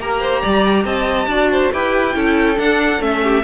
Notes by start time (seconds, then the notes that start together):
0.00 A#3 G4 A#4 A#5
0.21 C5
0.42 G3 D5
0.86 C4 D#5 A5
1.27 D4 F#4 D5
1.52 C5
1.73 E4 G4 B4 G5
2.13 C#4 E4 A4
2.56 D4 F#5
3.00 A3 C#4 E5
3.23 G4